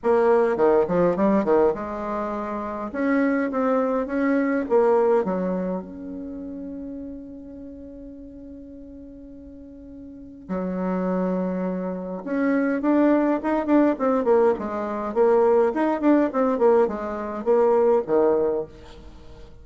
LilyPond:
\new Staff \with { instrumentName = "bassoon" } { \time 4/4 \tempo 4 = 103 ais4 dis8 f8 g8 dis8 gis4~ | gis4 cis'4 c'4 cis'4 | ais4 fis4 cis'2~ | cis'1~ |
cis'2 fis2~ | fis4 cis'4 d'4 dis'8 d'8 | c'8 ais8 gis4 ais4 dis'8 d'8 | c'8 ais8 gis4 ais4 dis4 | }